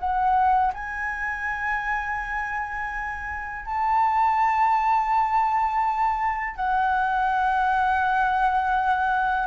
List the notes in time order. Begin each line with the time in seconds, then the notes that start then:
0.00 F#5
0.74 G#5
3.66 A5
6.57 F#5